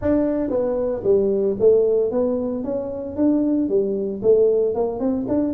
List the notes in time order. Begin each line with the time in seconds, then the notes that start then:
0.01 D4
0.50 B3
1.04 G3
1.59 A3
2.11 B3
2.64 C#4
3.16 D4
3.68 G3
4.22 A3
4.74 A#3
4.99 C4
5.28 D4